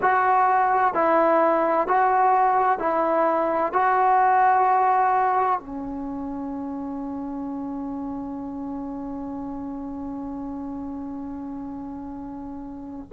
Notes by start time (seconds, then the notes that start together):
0.01 F#4
0.94 E4
1.87 F#4
2.79 E4
3.72 F#4
5.60 C#4